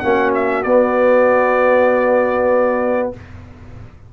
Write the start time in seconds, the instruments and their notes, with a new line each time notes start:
0.00 tuba A#3, trombone C#4, horn F#4, trumpet F#5
0.34 trumpet E5
0.63 tuba B3, trombone B3, trumpet D5